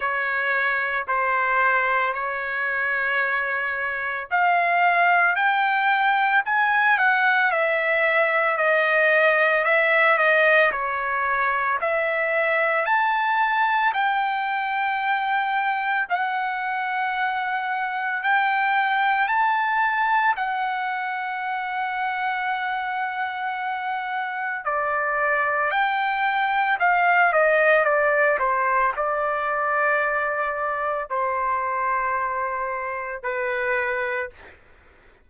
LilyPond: \new Staff \with { instrumentName = "trumpet" } { \time 4/4 \tempo 4 = 56 cis''4 c''4 cis''2 | f''4 g''4 gis''8 fis''8 e''4 | dis''4 e''8 dis''8 cis''4 e''4 | a''4 g''2 fis''4~ |
fis''4 g''4 a''4 fis''4~ | fis''2. d''4 | g''4 f''8 dis''8 d''8 c''8 d''4~ | d''4 c''2 b'4 | }